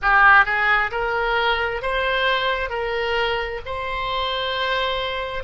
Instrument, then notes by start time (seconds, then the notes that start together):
oboe
0.02 G4
0.45 G#4
0.91 A#4
1.81 C5
2.69 A#4
3.65 C5